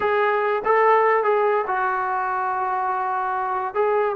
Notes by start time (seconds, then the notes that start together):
0.00 G#4
0.64 A4
1.23 G#4
1.67 F#4
3.74 G#4